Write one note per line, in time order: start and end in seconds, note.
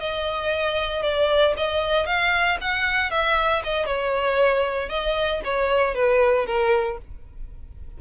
0.00 1.03 D#5
1.03 1.54 D5
1.57 2.06 D#5
2.06 2.58 F5
2.61 3.11 F#5
3.11 3.63 E5
3.64 3.86 D#5
3.86 4.89 C#5
4.89 5.41 D#5
5.44 5.95 C#5
5.95 6.46 B4
6.46 6.98 A#4